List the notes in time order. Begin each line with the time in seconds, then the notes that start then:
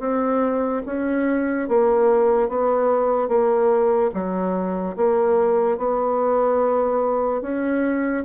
0.00 C4
0.86 C#4
1.68 A#3
2.49 B3
3.29 A#3
4.14 F#3
4.97 A#3
5.78 B3
7.42 C#4